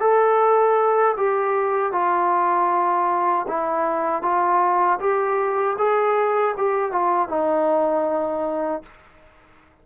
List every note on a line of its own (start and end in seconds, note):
0.00 1.15 A4
1.16 1.92 G4
1.92 3.46 F4
3.48 4.22 E4
4.22 4.99 F4
4.99 5.76 G4
5.78 6.55 G#4
6.57 6.92 G4
6.92 7.28 F4
7.28 8.82 D#4